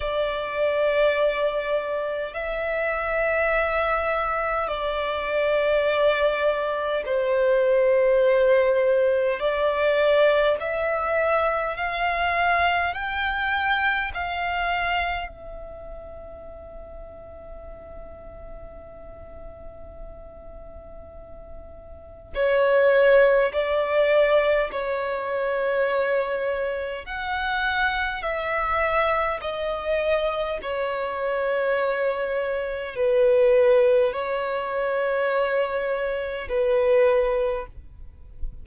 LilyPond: \new Staff \with { instrumentName = "violin" } { \time 4/4 \tempo 4 = 51 d''2 e''2 | d''2 c''2 | d''4 e''4 f''4 g''4 | f''4 e''2.~ |
e''2. cis''4 | d''4 cis''2 fis''4 | e''4 dis''4 cis''2 | b'4 cis''2 b'4 | }